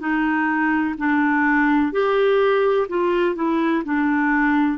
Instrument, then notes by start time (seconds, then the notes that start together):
clarinet
0.00 D#4
0.98 D4
1.93 G4
2.89 F4
3.35 E4
3.84 D4